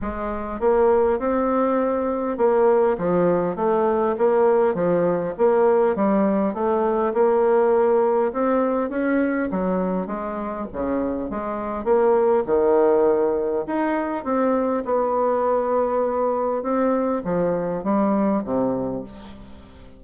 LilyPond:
\new Staff \with { instrumentName = "bassoon" } { \time 4/4 \tempo 4 = 101 gis4 ais4 c'2 | ais4 f4 a4 ais4 | f4 ais4 g4 a4 | ais2 c'4 cis'4 |
fis4 gis4 cis4 gis4 | ais4 dis2 dis'4 | c'4 b2. | c'4 f4 g4 c4 | }